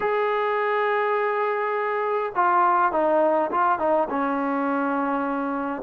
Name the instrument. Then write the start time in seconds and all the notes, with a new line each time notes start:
trombone
0.00 G#4
2.35 F4
2.92 D#4
3.51 F4
3.78 D#4
4.09 C#4